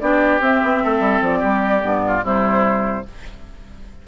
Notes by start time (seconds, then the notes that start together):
0.00 B3 D4 G4 D5
0.41 C4 E5
0.64 B3
0.83 A3 A4
1.00 G3
1.21 F3 D5
1.39 G3 G4
1.82 G2 B3
2.07 F4
2.23 C3 G3 E4 C5